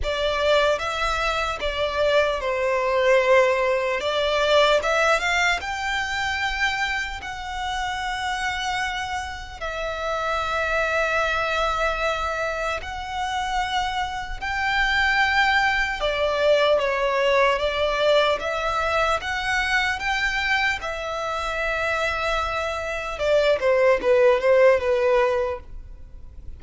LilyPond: \new Staff \with { instrumentName = "violin" } { \time 4/4 \tempo 4 = 75 d''4 e''4 d''4 c''4~ | c''4 d''4 e''8 f''8 g''4~ | g''4 fis''2. | e''1 |
fis''2 g''2 | d''4 cis''4 d''4 e''4 | fis''4 g''4 e''2~ | e''4 d''8 c''8 b'8 c''8 b'4 | }